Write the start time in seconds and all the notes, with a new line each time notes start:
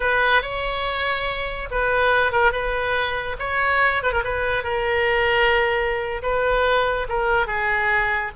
0.00 B4
0.42 C#5
1.70 B4
2.32 A#4
2.52 B4
3.39 C#5
4.02 B4
4.12 A#4
4.24 B4
4.63 A#4
6.22 B4
7.09 A#4
7.47 G#4